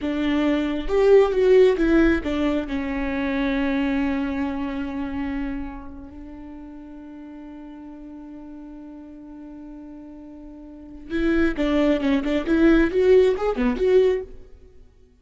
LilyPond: \new Staff \with { instrumentName = "viola" } { \time 4/4 \tempo 4 = 135 d'2 g'4 fis'4 | e'4 d'4 cis'2~ | cis'1~ | cis'4.~ cis'16 d'2~ d'16~ |
d'1~ | d'1~ | d'4 e'4 d'4 cis'8 d'8 | e'4 fis'4 gis'8 b8 fis'4 | }